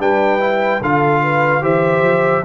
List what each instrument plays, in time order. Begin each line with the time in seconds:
0.00 tuba G3, trombone D4, horn B4, trumpet G5
0.40 trombone E4
0.81 tuba D3, trombone F4, horn A4, trumpet F5
1.23 horn B4
1.62 tuba E3, trombone G4, horn C5, trumpet E5
2.02 tuba F3